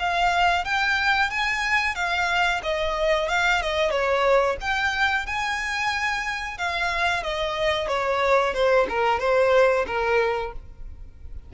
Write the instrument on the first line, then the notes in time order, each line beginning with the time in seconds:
violin
0.00 F5
0.65 G5
1.31 G#5
1.95 F5
2.63 D#5
3.29 F5
3.62 D#5
3.91 C#5
4.61 G5
5.27 G#5
6.58 F5
7.23 D#5
7.88 C#5
8.54 C5
8.90 A#4
9.20 C5
9.87 A#4